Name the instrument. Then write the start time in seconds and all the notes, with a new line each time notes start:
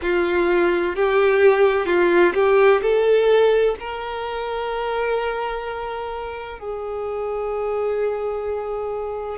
violin
0.02 F4
0.95 G4
1.85 F4
2.34 G4
2.81 A4
3.79 A#4
6.59 G#4